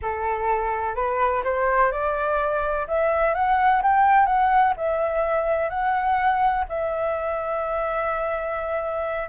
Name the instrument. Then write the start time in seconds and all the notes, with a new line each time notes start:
flute
0.02 A4
0.95 B4
1.44 C5
1.91 D5
2.87 E5
3.34 F#5
3.82 G5
4.26 F#5
4.76 E5
5.69 F#5
6.68 E5